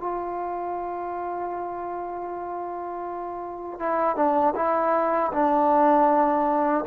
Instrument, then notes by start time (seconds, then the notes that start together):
trombone
0.00 F4
3.79 E4
4.16 D4
4.56 E4
5.33 D4